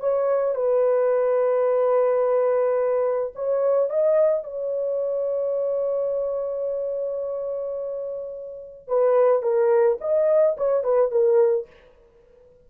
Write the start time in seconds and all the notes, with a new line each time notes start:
0.00 C#5
0.55 B4
3.35 C#5
3.90 D#5
4.44 C#5
8.88 B4
9.42 A#4
10.01 D#5
10.57 C#5
10.83 B4
11.11 A#4